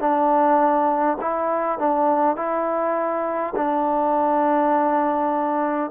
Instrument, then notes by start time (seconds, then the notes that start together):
trombone
0.00 D4
1.21 E4
1.79 D4
2.36 E4
3.56 D4